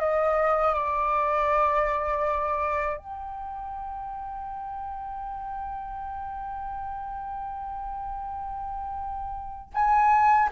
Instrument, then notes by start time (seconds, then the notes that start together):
flute
0.00 D#5
0.74 D5
2.98 G5
9.74 G#5